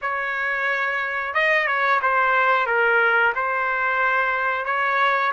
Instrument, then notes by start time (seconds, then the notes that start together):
trumpet
0.02 C#5
1.33 D#5
1.66 C#5
2.02 C5
2.66 A#4
3.35 C5
4.65 C#5